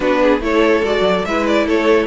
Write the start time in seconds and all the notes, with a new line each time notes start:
0.00 B3 D4 F#4 B4
0.22 G#4
0.39 A3 E4 A4 C#5
0.84 G#3 F#4 D5
1.01 F#3
1.25 G#3 E4 B4 E5
1.47 D5
1.65 A3 A4 C#5